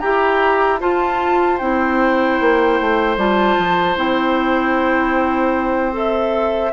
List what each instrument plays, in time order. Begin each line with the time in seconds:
0.00 bassoon E4, oboe G4, clarinet G4, flute A#5
0.80 clarinet F4, bassoon F4, oboe C5, flute A5
1.58 bassoon C4, clarinet E4, flute G5
2.41 bassoon A#3
2.81 bassoon A3
3.17 bassoon G3, clarinet F4, flute A5
3.58 bassoon F3
3.96 bassoon C4, clarinet E4, flute G5
5.93 clarinet A4, flute E5